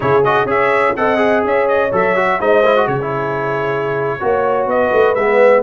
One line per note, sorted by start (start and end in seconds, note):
0.00 0.45 C#3
0.00 0.22 E4
0.00 0.47 G#4
0.00 0.24 C#5
0.24 0.46 F#4
0.24 0.48 D#5
0.45 0.93 C#4
0.45 0.94 G#4
0.45 0.95 C#5
0.45 0.95 E5
0.95 1.44 C4
0.95 1.17 A4
0.95 1.45 D#5
0.95 1.43 F#5
1.17 1.89 G#4
1.44 1.92 C#4
1.44 2.40 C#5
1.44 1.68 E5
1.68 1.92 D#5
1.92 2.40 F#3
1.92 2.16 A4
1.92 2.40 E5
2.16 2.39 F#4
2.39 2.87 G#3
2.39 2.63 D#4
2.39 2.86 C5
2.39 2.87 D#5
2.65 2.76 E4
2.76 3.00 F#4
2.86 4.19 C#3
2.86 4.18 G#4
2.86 4.67 C#5
3.01 4.20 E4
4.20 4.66 A#3
4.20 5.16 F#4
4.20 4.69 C#5
4.66 4.90 B3
4.66 5.62 B4
4.66 5.14 D#5
4.92 5.15 A3
5.14 5.62 G#3
5.14 5.62 B3
5.14 5.62 E5